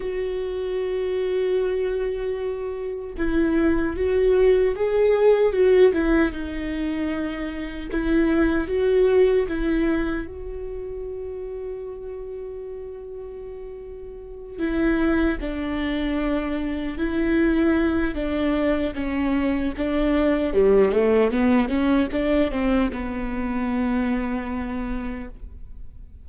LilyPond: \new Staff \with { instrumentName = "viola" } { \time 4/4 \tempo 4 = 76 fis'1 | e'4 fis'4 gis'4 fis'8 e'8 | dis'2 e'4 fis'4 | e'4 fis'2.~ |
fis'2~ fis'8 e'4 d'8~ | d'4. e'4. d'4 | cis'4 d'4 g8 a8 b8 cis'8 | d'8 c'8 b2. | }